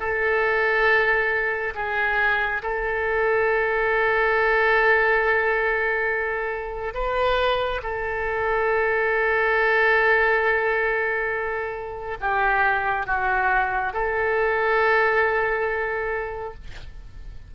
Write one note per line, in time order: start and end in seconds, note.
0.00 1.74 A4
1.75 2.62 G#4
2.62 6.94 A4
6.94 7.81 B4
7.83 12.18 A4
12.21 13.07 G4
13.07 13.93 F#4
13.93 16.54 A4